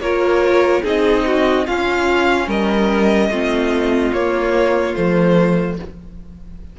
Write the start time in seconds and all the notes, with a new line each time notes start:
0.00 A#3 F4 A#4 C#5
0.83 C4 D#4 G#4 D#5
1.26 F#4
1.66 C#4 F4 F5
2.47 G3 A#4 D#5
3.29 A3 C4 F4
4.13 A#3 C#5
4.95 F3 A3 C5